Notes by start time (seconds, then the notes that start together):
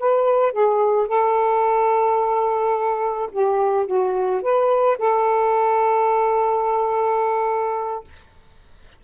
0.00 B4
0.52 G#4
1.08 A4
3.32 G4
3.87 F#4
4.42 B4
4.99 A4